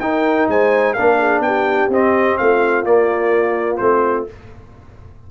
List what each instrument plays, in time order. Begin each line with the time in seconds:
0.00 tuba D#4, trombone D#4, horn A#4, trumpet G5
0.49 tuba G#3, horn C5, trumpet G#5
0.94 tuba A#3, trombone D4, horn A#4, trumpet F5
1.19 horn G#4
1.41 tuba B3, trumpet G5
1.47 horn G4
1.89 tuba C4, trombone C4, trumpet D#5
2.38 tuba A3, horn F4, trumpet F5
2.85 tuba A#3, trombone A#3, trumpet D5
3.77 tuba A3, trombone C4, trumpet C5